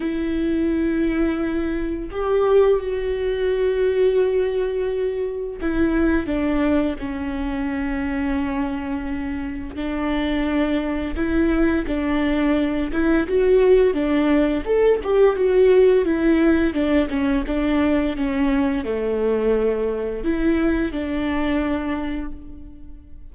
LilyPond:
\new Staff \with { instrumentName = "viola" } { \time 4/4 \tempo 4 = 86 e'2. g'4 | fis'1 | e'4 d'4 cis'2~ | cis'2 d'2 |
e'4 d'4. e'8 fis'4 | d'4 a'8 g'8 fis'4 e'4 | d'8 cis'8 d'4 cis'4 a4~ | a4 e'4 d'2 | }